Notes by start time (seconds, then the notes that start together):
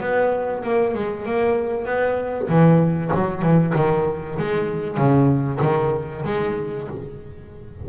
0.00 B3
0.63 A#3
0.94 G#3
1.25 A#3
1.85 B3
2.49 E3
3.14 F#3
3.42 E3
3.75 D#3
4.38 G#3
4.97 C#3
5.61 D#3
6.25 G#3